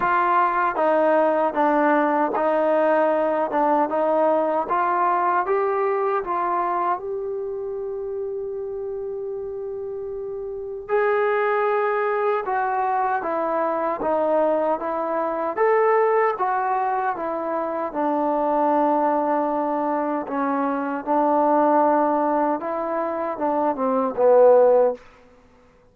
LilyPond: \new Staff \with { instrumentName = "trombone" } { \time 4/4 \tempo 4 = 77 f'4 dis'4 d'4 dis'4~ | dis'8 d'8 dis'4 f'4 g'4 | f'4 g'2.~ | g'2 gis'2 |
fis'4 e'4 dis'4 e'4 | a'4 fis'4 e'4 d'4~ | d'2 cis'4 d'4~ | d'4 e'4 d'8 c'8 b4 | }